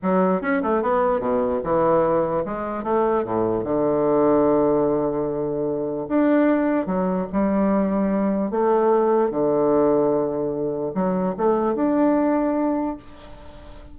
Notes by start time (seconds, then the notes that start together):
0.02 F#3
0.41 C#4
0.62 A3
0.82 B3
1.20 B2
1.63 E3
2.45 G#3
2.83 A3
3.24 A2
3.63 D3
6.08 D4
6.86 F#3
7.32 G3
8.50 A3
9.30 D3
10.94 F#3
11.37 A3
11.75 D4